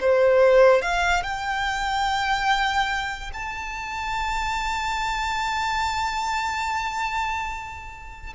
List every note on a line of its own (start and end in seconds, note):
0.00 0.81 C5
0.81 1.23 F5
1.23 3.31 G5
3.33 8.33 A5